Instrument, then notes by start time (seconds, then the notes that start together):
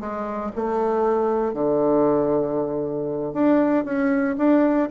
bassoon
0.00 G#3
0.56 A3
1.54 D3
3.34 D4
3.85 C#4
4.38 D4